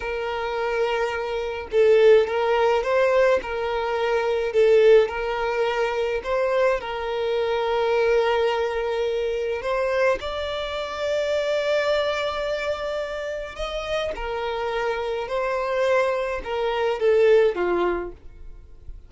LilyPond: \new Staff \with { instrumentName = "violin" } { \time 4/4 \tempo 4 = 106 ais'2. a'4 | ais'4 c''4 ais'2 | a'4 ais'2 c''4 | ais'1~ |
ais'4 c''4 d''2~ | d''1 | dis''4 ais'2 c''4~ | c''4 ais'4 a'4 f'4 | }